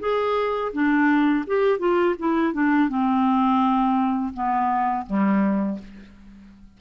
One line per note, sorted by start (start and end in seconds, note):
0.00 0.72 G#4
0.73 1.45 D4
1.47 1.79 G4
1.79 2.15 F4
2.19 2.53 E4
2.53 2.89 D4
2.89 4.34 C4
4.34 5.06 B3
5.07 5.79 G3